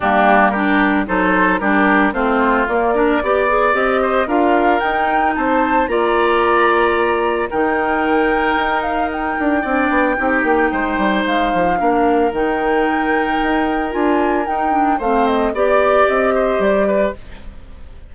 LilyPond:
<<
  \new Staff \with { instrumentName = "flute" } { \time 4/4 \tempo 4 = 112 g'4 ais'4 c''4 ais'4 | c''4 d''2 dis''4 | f''4 g''4 a''4 ais''4~ | ais''2 g''2~ |
g''8 f''8 g''2.~ | g''4 f''2 g''4~ | g''2 gis''4 g''4 | f''8 dis''8 d''4 dis''4 d''4 | }
  \new Staff \with { instrumentName = "oboe" } { \time 4/4 d'4 g'4 a'4 g'4 | f'4. ais'8 d''4. c''8 | ais'2 c''4 d''4~ | d''2 ais'2~ |
ais'2 d''4 g'4 | c''2 ais'2~ | ais'1 | c''4 d''4. c''4 b'8 | }
  \new Staff \with { instrumentName = "clarinet" } { \time 4/4 ais4 d'4 dis'4 d'4 | c'4 ais8 d'8 g'8 gis'8 g'4 | f'4 dis'2 f'4~ | f'2 dis'2~ |
dis'2 d'4 dis'4~ | dis'2 d'4 dis'4~ | dis'2 f'4 dis'8 d'8 | c'4 g'2. | }
  \new Staff \with { instrumentName = "bassoon" } { \time 4/4 g2 fis4 g4 | a4 ais4 b4 c'4 | d'4 dis'4 c'4 ais4~ | ais2 dis2 |
dis'4. d'8 c'8 b8 c'8 ais8 | gis8 g8 gis8 f8 ais4 dis4~ | dis4 dis'4 d'4 dis'4 | a4 b4 c'4 g4 | }
>>